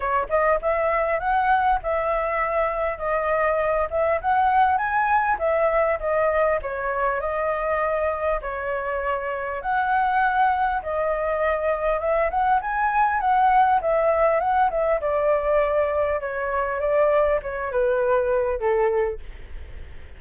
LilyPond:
\new Staff \with { instrumentName = "flute" } { \time 4/4 \tempo 4 = 100 cis''8 dis''8 e''4 fis''4 e''4~ | e''4 dis''4. e''8 fis''4 | gis''4 e''4 dis''4 cis''4 | dis''2 cis''2 |
fis''2 dis''2 | e''8 fis''8 gis''4 fis''4 e''4 | fis''8 e''8 d''2 cis''4 | d''4 cis''8 b'4. a'4 | }